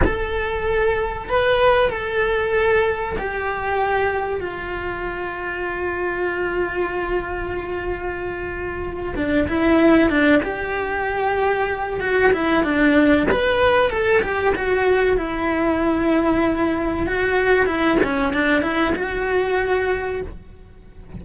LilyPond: \new Staff \with { instrumentName = "cello" } { \time 4/4 \tempo 4 = 95 a'2 b'4 a'4~ | a'4 g'2 f'4~ | f'1~ | f'2~ f'8 d'8 e'4 |
d'8 g'2~ g'8 fis'8 e'8 | d'4 b'4 a'8 g'8 fis'4 | e'2. fis'4 | e'8 cis'8 d'8 e'8 fis'2 | }